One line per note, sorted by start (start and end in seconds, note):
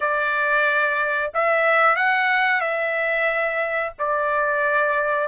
0.00 1.31 D5
1.34 1.96 E5
1.96 2.60 F#5
2.60 3.92 E5
3.99 5.27 D5